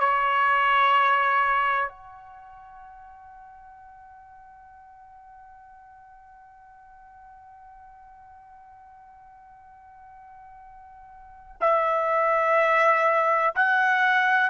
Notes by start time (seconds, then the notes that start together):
0.00 C#5
1.89 F#5
11.61 E5
13.56 F#5